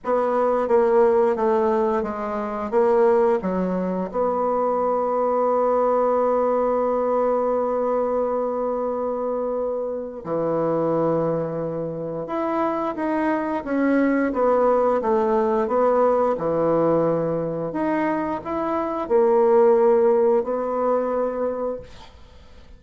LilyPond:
\new Staff \with { instrumentName = "bassoon" } { \time 4/4 \tempo 4 = 88 b4 ais4 a4 gis4 | ais4 fis4 b2~ | b1~ | b2. e4~ |
e2 e'4 dis'4 | cis'4 b4 a4 b4 | e2 dis'4 e'4 | ais2 b2 | }